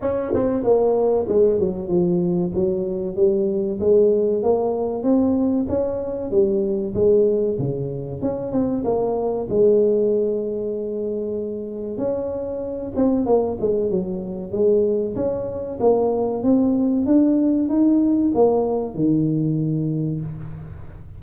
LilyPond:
\new Staff \with { instrumentName = "tuba" } { \time 4/4 \tempo 4 = 95 cis'8 c'8 ais4 gis8 fis8 f4 | fis4 g4 gis4 ais4 | c'4 cis'4 g4 gis4 | cis4 cis'8 c'8 ais4 gis4~ |
gis2. cis'4~ | cis'8 c'8 ais8 gis8 fis4 gis4 | cis'4 ais4 c'4 d'4 | dis'4 ais4 dis2 | }